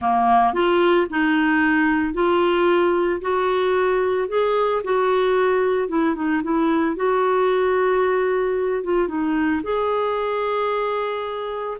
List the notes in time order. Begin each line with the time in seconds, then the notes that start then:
0.01 A#3
0.53 F4
1.10 D#4
2.13 F4
3.21 F#4
4.28 G#4
4.84 F#4
5.88 E4
6.15 D#4
6.43 E4
6.95 F#4
8.83 F4
9.08 D#4
9.63 G#4